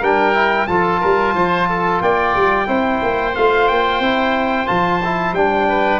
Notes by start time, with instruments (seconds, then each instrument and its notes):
0.00 tuba G3, trombone D4, oboe A#4, trumpet G5
0.34 trombone E4
0.67 tuba F3, trombone F4, oboe A4, trumpet A5
1.00 tuba G3, oboe A#4
1.34 tuba F3, oboe C5
1.69 oboe A4
2.01 tuba A#3, oboe D5, trumpet G5
2.36 tuba G3
2.66 tuba C4, trombone E4, oboe C5
3.02 tuba A#3
3.35 tuba A3, trombone F4, trumpet F5
3.68 tuba A#3, trumpet G5
3.99 tuba C4, trombone E4
4.66 tuba F3, trombone F4, trumpet A5
5.04 trombone E4
5.33 tuba G3, trombone D4, trumpet G5
5.68 oboe B4